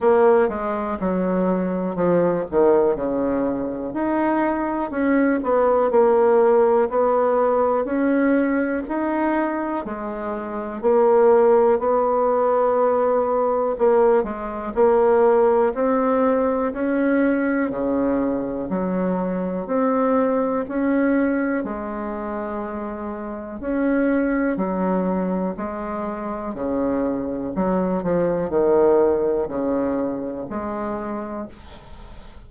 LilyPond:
\new Staff \with { instrumentName = "bassoon" } { \time 4/4 \tempo 4 = 61 ais8 gis8 fis4 f8 dis8 cis4 | dis'4 cis'8 b8 ais4 b4 | cis'4 dis'4 gis4 ais4 | b2 ais8 gis8 ais4 |
c'4 cis'4 cis4 fis4 | c'4 cis'4 gis2 | cis'4 fis4 gis4 cis4 | fis8 f8 dis4 cis4 gis4 | }